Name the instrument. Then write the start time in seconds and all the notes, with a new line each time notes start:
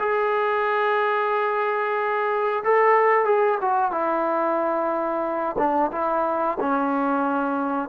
trombone
0.00 G#4
2.64 A4
3.26 G#4
3.61 F#4
3.92 E4
5.58 D4
5.92 E4
6.61 C#4